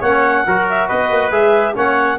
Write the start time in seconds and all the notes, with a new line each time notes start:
0.00 A#3 C#4 C#5 F#5
0.47 F#3 F#4 A#4
0.70 E5
0.88 B3 B4 D#5
1.11 A#3
1.31 G#3 G#4 E5
1.75 A#3 C#4 C#5 F#5